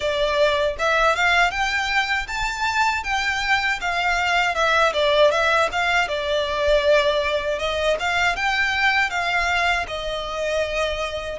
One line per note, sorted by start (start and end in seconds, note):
0.00 0.76 D5
0.78 1.15 E5
1.15 1.51 F5
1.51 2.26 G5
2.28 3.03 A5
3.03 3.79 G5
3.80 4.54 F5
4.54 4.92 E5
4.93 5.31 D5
5.31 5.69 E5
5.72 6.08 F5
6.08 7.58 D5
7.58 7.96 D#5
7.99 8.35 F5
8.35 9.10 G5
9.10 9.86 F5
9.87 11.39 D#5